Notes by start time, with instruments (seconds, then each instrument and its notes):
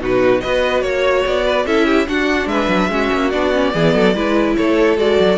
0.00 cello B2, viola D#4, violin F#4 B4
0.41 cello B3, viola F#4, violin B4 D#5
0.81 cello A#3, violin C#5
1.26 cello B3, violin D5
1.45 violin B4
1.66 cello C#4, viola E4, violin A4 E5
1.86 violin G4
2.07 viola D4, cello D4, violin F#4 F#5
2.46 cello G#3, violin B4 E5
2.68 cello F#3
2.88 cello G#3, viola C#4, violin F#4
3.13 cello A#3
3.30 cello B3, viola D4, violin D5
3.54 viola C#4
3.73 cello E3, viola B3, violin G#4
3.94 cello F#3, violin A4
4.14 cello G#3, viola E4, violin B4
4.56 cello A3, violin A4 C#5
4.97 cello G#3, viola F#4, violin D5
5.19 cello F#3